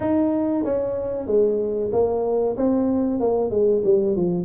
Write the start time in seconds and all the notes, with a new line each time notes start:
0.00 D#4
0.64 C#4
1.26 G#3
1.92 A#3
2.56 C4
3.20 A#3
3.50 G#3
3.84 G3
4.15 F3